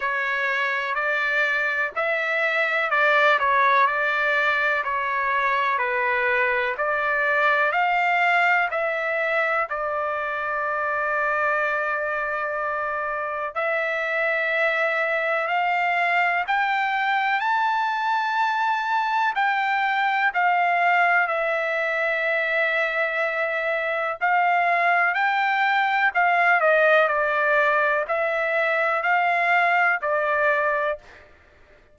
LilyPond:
\new Staff \with { instrumentName = "trumpet" } { \time 4/4 \tempo 4 = 62 cis''4 d''4 e''4 d''8 cis''8 | d''4 cis''4 b'4 d''4 | f''4 e''4 d''2~ | d''2 e''2 |
f''4 g''4 a''2 | g''4 f''4 e''2~ | e''4 f''4 g''4 f''8 dis''8 | d''4 e''4 f''4 d''4 | }